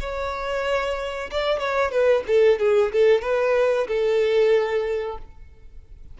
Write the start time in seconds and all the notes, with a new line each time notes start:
0.00 C#5
1.31 D5
1.59 C#5
1.91 B4
2.27 A4
2.59 G#4
2.92 A4
3.22 B4
3.88 A4